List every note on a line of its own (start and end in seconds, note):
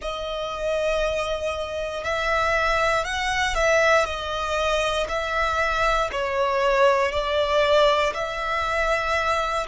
0.01 2.03 D#5
2.03 3.04 E5
3.04 3.55 F#5
3.55 4.05 E5
4.05 5.07 D#5
5.08 6.10 E5
6.12 7.11 C#5
7.11 8.13 D5
8.14 9.66 E5